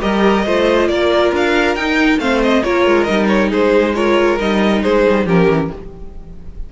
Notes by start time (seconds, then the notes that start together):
0.00 G3 G4 A#4 D#5
0.45 A3 F4 C5
0.87 A#3 A#4 D5
1.32 D4 F5
1.75 D#4 G5
2.18 A3 C4 C5 F5
2.42 D#5
2.63 A#3 F4 A#4 C#5
2.86 G#3
3.03 G3 D#4 D#5
3.27 C#5
3.49 G#3 G#4 C5
3.94 F4 A#4 C#5
4.38 G3 D#4 D#5
4.82 G#3 G#4 C5
5.10 G3
5.25 F3 C#4 G4 A#4
5.48 E3